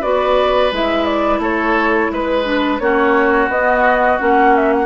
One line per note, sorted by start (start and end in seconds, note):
0.00 0.72 B3
0.00 0.72 F#4
0.00 1.40 B4
0.00 0.72 D5
0.72 1.39 G#3
0.72 2.44 E4
0.72 1.05 E5
1.05 1.40 D5
1.39 2.08 A3
1.39 2.11 A4
1.39 2.12 C#5
2.11 2.80 G#3
2.11 2.79 B4
2.11 2.83 B4
2.44 2.79 D4
2.79 3.48 A#3
2.79 3.51 C#4
2.79 4.86 F#4
2.79 3.49 C#5
3.48 4.18 B3
3.48 4.19 B3
3.48 4.20 D#5
4.19 4.86 A#3
4.19 4.86 C#4
4.19 4.56 F#5
4.56 4.73 E5
4.73 4.86 F#5